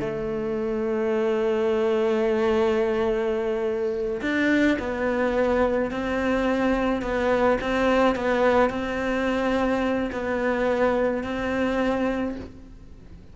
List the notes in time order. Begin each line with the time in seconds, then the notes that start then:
0.00 A3
4.21 D4
4.79 B3
5.91 C4
7.01 B3
7.61 C4
8.15 B3
8.69 C4
10.12 B3
11.23 C4